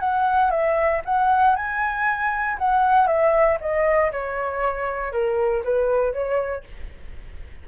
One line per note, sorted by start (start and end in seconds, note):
0.00 0.51 F#5
0.51 1.02 E5
1.06 1.56 F#5
1.56 2.58 G#5
2.59 3.07 F#5
3.07 3.58 E5
3.61 4.12 D#5
4.12 5.13 C#5
5.13 5.64 A#4
5.64 6.13 B4
6.13 6.64 C#5